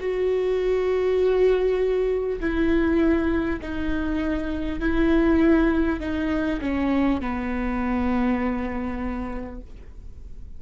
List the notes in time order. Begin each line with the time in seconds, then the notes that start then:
0.00 F#4
2.40 E4
3.61 D#4
4.80 E4
6.01 D#4
6.61 C#4
7.21 B3